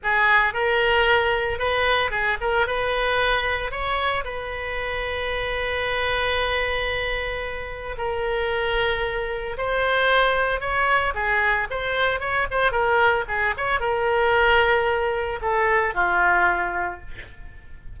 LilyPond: \new Staff \with { instrumentName = "oboe" } { \time 4/4 \tempo 4 = 113 gis'4 ais'2 b'4 | gis'8 ais'8 b'2 cis''4 | b'1~ | b'2. ais'4~ |
ais'2 c''2 | cis''4 gis'4 c''4 cis''8 c''8 | ais'4 gis'8 cis''8 ais'2~ | ais'4 a'4 f'2 | }